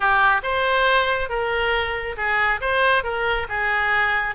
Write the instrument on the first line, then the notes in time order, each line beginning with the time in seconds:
oboe
0.00 G4
0.42 C5
1.29 A#4
2.16 G#4
2.60 C5
3.03 A#4
3.48 G#4